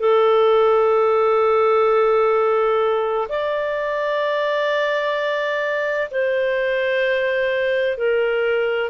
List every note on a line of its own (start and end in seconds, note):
0.00 3.28 A4
3.29 6.10 D5
6.11 7.97 C5
7.97 8.90 A#4